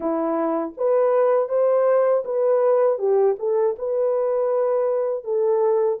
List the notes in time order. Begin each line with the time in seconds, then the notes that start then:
0.00 E4
0.77 B4
1.48 C5
2.25 B4
2.98 G4
3.38 A4
3.78 B4
5.24 A4